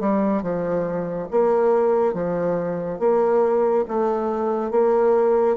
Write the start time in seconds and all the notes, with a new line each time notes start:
0.00 G3
0.42 F3
1.31 A#3
2.14 F3
2.99 A#3
3.88 A3
4.71 A#3